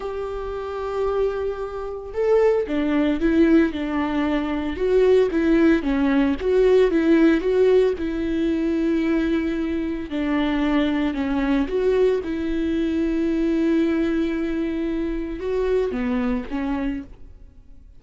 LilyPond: \new Staff \with { instrumentName = "viola" } { \time 4/4 \tempo 4 = 113 g'1 | a'4 d'4 e'4 d'4~ | d'4 fis'4 e'4 cis'4 | fis'4 e'4 fis'4 e'4~ |
e'2. d'4~ | d'4 cis'4 fis'4 e'4~ | e'1~ | e'4 fis'4 b4 cis'4 | }